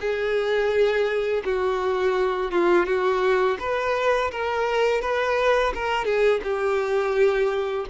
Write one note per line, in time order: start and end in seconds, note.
0.00 1.43 G#4
1.44 2.51 F#4
2.51 2.86 F4
2.86 3.57 F#4
3.59 4.31 B4
4.31 5.01 A#4
5.01 5.73 B4
5.74 6.05 A#4
6.05 6.41 G#4
6.43 7.86 G4